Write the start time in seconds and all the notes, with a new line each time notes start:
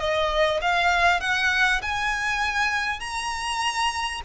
0.00 D#5
0.62 F5
1.21 F#5
1.82 G#5
3.01 A#5